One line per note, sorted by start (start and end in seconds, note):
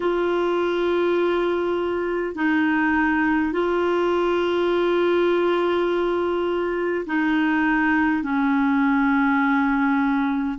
0.00 2.35 F4
2.35 3.52 D#4
3.52 7.05 F4
7.06 8.22 D#4
8.22 10.58 C#4